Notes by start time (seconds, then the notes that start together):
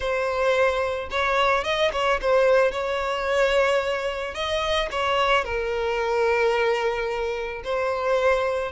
0.00 C5
1.10 C#5
1.64 D#5
1.92 C#5
2.21 C5
2.71 C#5
4.34 D#5
4.91 C#5
5.44 A#4
7.64 C5